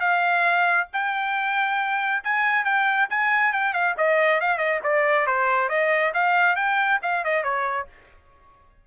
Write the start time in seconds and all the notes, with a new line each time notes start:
0.00 F5
0.93 G5
2.23 G#5
2.64 G5
3.09 G#5
3.52 G5
3.73 F5
3.97 D#5
4.40 F5
4.58 D#5
4.83 D5
5.26 C5
5.69 D#5
6.13 F5
6.56 G5
7.02 F5
7.24 D#5
7.43 C#5